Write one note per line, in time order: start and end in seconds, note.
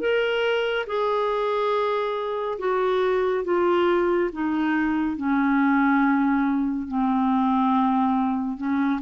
0.00 0.86 A#4
0.86 2.58 G#4
2.58 3.44 F#4
3.44 4.30 F4
4.32 5.16 D#4
5.16 6.87 C#4
6.87 8.57 C4
8.57 9.00 C#4